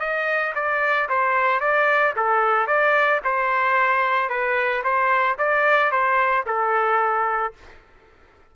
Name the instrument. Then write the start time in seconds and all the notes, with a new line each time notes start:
trumpet
0.00 D#5
0.55 D5
1.09 C5
1.60 D5
2.16 A4
2.67 D5
3.24 C5
4.29 B4
4.84 C5
5.38 D5
5.91 C5
6.46 A4